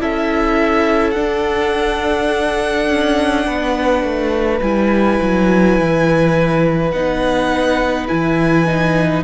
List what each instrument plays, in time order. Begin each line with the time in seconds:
0.00 cello C#4, viola E4, violin A4 E5
1.11 viola D4, cello D4, violin F#5
2.89 cello C#4
3.46 cello B3, violin B4
4.03 cello A3
4.62 cello G3, viola E4, violin G#5
5.22 cello F#3
5.79 cello E3
6.91 cello B3, viola D#4, violin F#5
8.08 cello E3, viola E4, violin G#5
8.67 viola D#4